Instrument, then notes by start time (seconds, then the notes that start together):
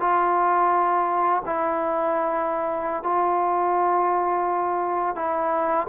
trombone
0.00 F4
1.46 E4
3.03 F4
5.16 E4